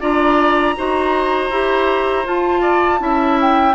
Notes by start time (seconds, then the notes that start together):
0.00 D4 F4 D5 A#5
0.76 D#4 F#4 C5
1.50 E4 G4
2.25 F4 A5
2.61 D5
2.98 C#4 E4 E5
3.41 G5